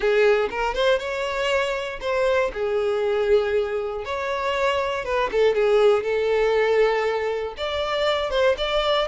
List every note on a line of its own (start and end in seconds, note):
0.00 0.49 G#4
0.50 0.74 A#4
0.74 0.98 C5
0.98 1.99 C#5
2.00 2.51 C5
2.53 4.04 G#4
4.05 5.04 C#5
5.04 5.29 B4
5.31 5.54 A4
5.54 6.03 G#4
6.03 7.54 A4
7.57 8.30 D5
8.30 8.55 C5
8.57 9.07 D5